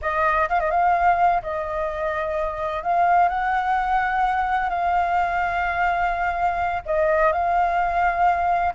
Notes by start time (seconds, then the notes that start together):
0.01 D#5
0.49 F5
0.60 D#5
0.71 F5
1.42 D#5
2.83 F5
3.28 F#5
4.69 F5
6.85 D#5
7.32 F5